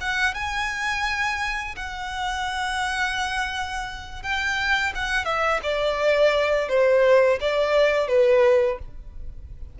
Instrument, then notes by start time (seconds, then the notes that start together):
violin
0.00 F#5
0.34 G#5
1.76 F#5
4.22 G5
4.94 F#5
5.25 E5
5.63 D5
6.68 C5
7.40 D5
8.07 B4